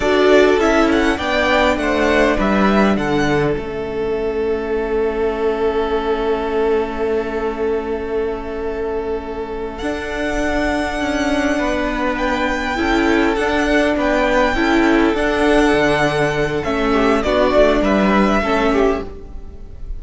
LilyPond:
<<
  \new Staff \with { instrumentName = "violin" } { \time 4/4 \tempo 4 = 101 d''4 e''8 fis''8 g''4 fis''4 | e''4 fis''4 e''2~ | e''1~ | e''1~ |
e''8 fis''2.~ fis''8~ | fis''8 g''2 fis''4 g''8~ | g''4. fis''2~ fis''8 | e''4 d''4 e''2 | }
  \new Staff \with { instrumentName = "violin" } { \time 4/4 a'2 d''4 c''4 | b'4 a'2.~ | a'1~ | a'1~ |
a'2.~ a'8 b'8~ | b'4. a'2 b'8~ | b'8 a'2.~ a'8~ | a'8 g'8 fis'4 b'4 a'8 g'8 | }
  \new Staff \with { instrumentName = "viola" } { \time 4/4 fis'4 e'4 d'2~ | d'2 cis'2~ | cis'1~ | cis'1~ |
cis'8 d'2.~ d'8~ | d'4. e'4 d'4.~ | d'8 e'4 d'2~ d'8 | cis'4 d'2 cis'4 | }
  \new Staff \with { instrumentName = "cello" } { \time 4/4 d'4 cis'4 b4 a4 | g4 d4 a2~ | a1~ | a1~ |
a8 d'2 cis'4 b8~ | b4. cis'4 d'4 b8~ | b8 cis'4 d'4 d4. | a4 b8 a8 g4 a4 | }
>>